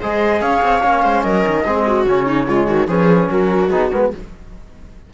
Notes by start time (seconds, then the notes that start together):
0.00 G#3 G#4 C5 D#5
0.41 C#4 C#5 F5
0.62 C4
0.82 A#3 C#4
1.03 G#3 C5
1.22 F#3 A#4 D#5
1.46 D#3
1.64 G#3 C4 G#4
1.86 F#4
2.05 C#3 C#4 C#5
2.26 D#4
2.47 G#3 F4
2.67 D#3 F#4
2.87 F3 C#4 G#4 B4
3.29 F#3 F#4 A#4
3.69 B3 D#4 G#4
3.91 G#3 B3 A#4
4.00 B4